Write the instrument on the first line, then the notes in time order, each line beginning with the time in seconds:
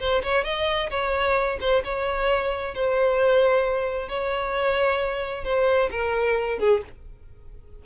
violin
0.00 C5
0.23 C#5
0.44 D#5
0.90 C#5
1.61 C5
1.85 C#5
2.75 C5
4.09 C#5
5.44 C5
5.91 A#4
6.60 G#4